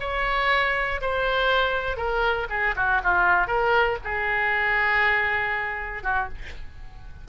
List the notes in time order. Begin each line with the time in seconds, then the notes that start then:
0.00 C#5
1.01 C5
1.97 A#4
2.50 G#4
2.76 F#4
3.03 F4
3.47 A#4
4.04 G#4
6.03 F#4